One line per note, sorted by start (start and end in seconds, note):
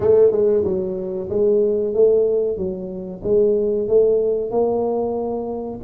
0.00 0.31 A3
0.31 0.64 G#3
0.64 1.29 F#3
1.29 1.94 G#3
1.94 2.57 A3
2.57 3.21 F#3
3.23 3.88 G#3
3.88 4.50 A3
4.50 5.79 A#3